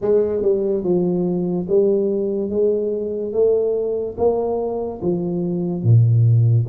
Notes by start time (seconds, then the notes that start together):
0.01 G#3
0.42 G3
0.83 F3
1.68 G3
2.50 G#3
3.32 A3
4.17 A#3
5.01 F3
5.83 A#2